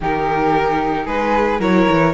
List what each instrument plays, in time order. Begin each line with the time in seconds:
0.00 cello D#3, viola D#4, flute G4, violin A#4
1.05 cello G#3, flute G#4, violin B4
1.59 cello F#3, viola E4, flute A#4, violin C#5
1.89 cello E3